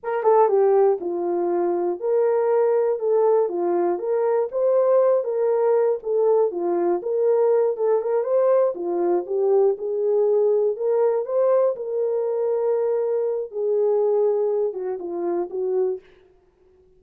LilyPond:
\new Staff \with { instrumentName = "horn" } { \time 4/4 \tempo 4 = 120 ais'8 a'8 g'4 f'2 | ais'2 a'4 f'4 | ais'4 c''4. ais'4. | a'4 f'4 ais'4. a'8 |
ais'8 c''4 f'4 g'4 gis'8~ | gis'4. ais'4 c''4 ais'8~ | ais'2. gis'4~ | gis'4. fis'8 f'4 fis'4 | }